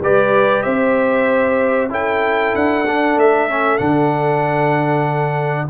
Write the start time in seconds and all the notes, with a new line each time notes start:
0.00 G3 G4 B4 D5
0.62 C4 C5 E5
1.89 C#4 E4 A4 G5
2.55 D4 F#5
2.86 D4
3.16 A3 E5
3.49 C#4
3.78 D3 D4 F#5